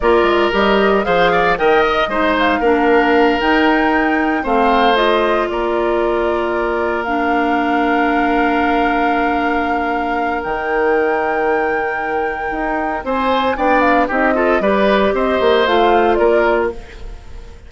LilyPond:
<<
  \new Staff \with { instrumentName = "flute" } { \time 4/4 \tempo 4 = 115 d''4 dis''4 f''4 g''8 dis''8~ | dis''8 f''2 g''4.~ | g''8 f''4 dis''4 d''4.~ | d''4. f''2~ f''8~ |
f''1 | g''1~ | g''4 gis''4 g''8 f''8 dis''4 | d''4 dis''4 f''4 d''4 | }
  \new Staff \with { instrumentName = "oboe" } { \time 4/4 ais'2 c''8 d''8 dis''4 | c''4 ais'2.~ | ais'8 c''2 ais'4.~ | ais'1~ |
ais'1~ | ais'1~ | ais'4 c''4 d''4 g'8 a'8 | b'4 c''2 ais'4 | }
  \new Staff \with { instrumentName = "clarinet" } { \time 4/4 f'4 g'4 gis'4 ais'4 | dis'4 d'4. dis'4.~ | dis'8 c'4 f'2~ f'8~ | f'4. d'2~ d'8~ |
d'1 | dis'1~ | dis'2 d'4 dis'8 f'8 | g'2 f'2 | }
  \new Staff \with { instrumentName = "bassoon" } { \time 4/4 ais8 gis8 g4 f4 dis4 | gis4 ais4. dis'4.~ | dis'8 a2 ais4.~ | ais1~ |
ais1 | dis1 | dis'4 c'4 b4 c'4 | g4 c'8 ais8 a4 ais4 | }
>>